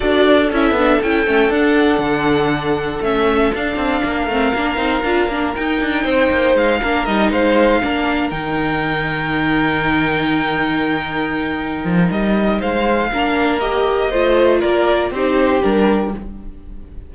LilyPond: <<
  \new Staff \with { instrumentName = "violin" } { \time 4/4 \tempo 4 = 119 d''4 e''4 g''4 fis''4~ | fis''2 e''4 f''4~ | f''2. g''4~ | g''4 f''4 dis''8 f''4.~ |
f''8 g''2.~ g''8~ | g''1 | dis''4 f''2 dis''4~ | dis''4 d''4 c''4 ais'4 | }
  \new Staff \with { instrumentName = "violin" } { \time 4/4 a'1~ | a'1 | ais'1 | c''4. ais'4 c''4 ais'8~ |
ais'1~ | ais'1~ | ais'4 c''4 ais'2 | c''4 ais'4 g'2 | }
  \new Staff \with { instrumentName = "viola" } { \time 4/4 fis'4 e'8 d'8 e'8 cis'8 d'4~ | d'2 cis'4 d'4~ | d'8 c'8 d'8 dis'8 f'8 d'8 dis'4~ | dis'4. d'8 dis'4. d'8~ |
d'8 dis'2.~ dis'8~ | dis'1~ | dis'2 d'4 g'4 | f'2 dis'4 d'4 | }
  \new Staff \with { instrumentName = "cello" } { \time 4/4 d'4 cis'8 b8 cis'8 a8 d'4 | d2 a4 d'8 c'8 | ais8 a8 ais8 c'8 d'8 ais8 dis'8 d'8 | c'8 ais8 gis8 ais8 g8 gis4 ais8~ |
ais8 dis2.~ dis8~ | dis2.~ dis8 f8 | g4 gis4 ais2 | a4 ais4 c'4 g4 | }
>>